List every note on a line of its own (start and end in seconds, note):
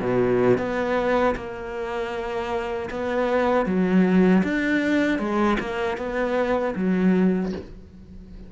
0.00 0.58 B2
0.58 1.35 B3
1.35 2.89 A#3
2.90 3.66 B3
3.66 4.43 F#3
4.43 5.19 D4
5.19 5.57 G#3
5.59 5.97 A#3
5.97 6.74 B3
6.75 7.52 F#3